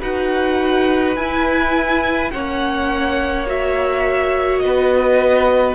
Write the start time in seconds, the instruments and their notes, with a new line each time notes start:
0.00 cello D#4, viola F#4, violin B4 F#5
1.16 cello E4, viola E4, violin G#5
2.31 cello A#3, viola C#4, violin C#5 F#5
3.47 viola F#4, violin E5
4.59 cello B3, violin B4 D#5